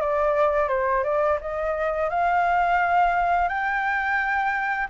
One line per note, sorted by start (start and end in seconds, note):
0.00 0.68 D5
0.68 1.03 C5
1.03 1.38 D5
1.40 2.09 D#5
2.09 3.48 F5
3.48 4.87 G5